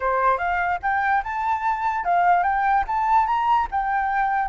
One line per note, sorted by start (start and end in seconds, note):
0.00 0.38 C5
0.38 0.78 F5
0.82 1.23 G5
1.23 2.04 A5
2.04 2.43 F5
2.43 2.84 G5
2.87 3.26 A5
3.26 3.67 A#5
3.71 4.48 G5